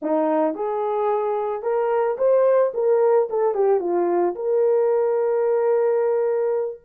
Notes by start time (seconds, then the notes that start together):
0.02 D#4
0.55 G#4
1.62 A#4
2.18 C5
2.74 A#4
3.29 A4
3.54 G4
3.80 F4
4.35 A#4